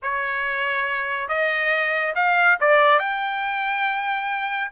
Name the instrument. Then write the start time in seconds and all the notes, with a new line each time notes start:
trumpet
0.02 C#5
1.28 D#5
2.15 F5
2.60 D5
2.99 G5